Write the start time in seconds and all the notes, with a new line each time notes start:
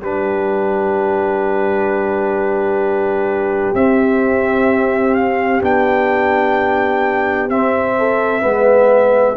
0.00 G3 D4 G4 B4
3.74 C4 E5
5.15 F5
5.62 B3 D4 G5
7.49 C4 E5
7.98 A4
8.41 G#3 B3 B4